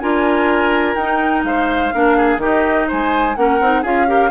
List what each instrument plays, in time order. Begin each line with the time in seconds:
0.00 bassoon D4, clarinet F4, oboe A#4, flute G#5
0.95 bassoon D#4, clarinet D#4, flute G5
1.43 bassoon G#3, oboe C5, flute F5
1.93 bassoon A#3, clarinet D4, oboe A#4
2.17 oboe G#4
2.37 bassoon D#3, clarinet D#4, oboe G4, flute D#5
2.87 bassoon G#3, oboe C5, flute G#5
3.36 bassoon A#3, clarinet C#4, oboe A#4, flute F#5
3.60 bassoon C4, clarinet D#4
3.82 bassoon C#4, clarinet F4, oboe G#4, flute F5
4.07 clarinet G4, oboe A#4